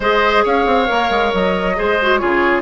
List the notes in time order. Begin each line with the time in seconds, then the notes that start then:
0.00 G#3 G#4 C5 D#5
0.44 C#4 C#5 F5
0.66 C4
0.86 A#3 A#4
1.10 G#3
1.33 F#3 D#5
1.75 G#3 G#4 C5
2.01 F#4
2.17 C#3 F4 G#4 C#5